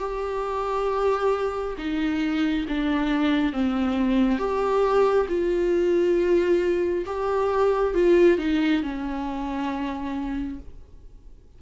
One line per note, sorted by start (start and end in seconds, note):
0.00 1.76 G4
1.78 2.66 D#4
2.69 3.53 D4
3.53 4.39 C4
4.39 5.27 G4
5.29 7.05 F4
7.06 7.95 G4
7.95 8.39 F4
8.39 8.83 D#4
8.83 10.59 C#4